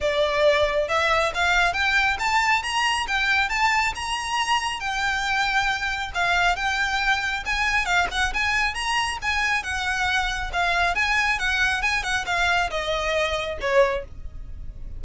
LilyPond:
\new Staff \with { instrumentName = "violin" } { \time 4/4 \tempo 4 = 137 d''2 e''4 f''4 | g''4 a''4 ais''4 g''4 | a''4 ais''2 g''4~ | g''2 f''4 g''4~ |
g''4 gis''4 f''8 fis''8 gis''4 | ais''4 gis''4 fis''2 | f''4 gis''4 fis''4 gis''8 fis''8 | f''4 dis''2 cis''4 | }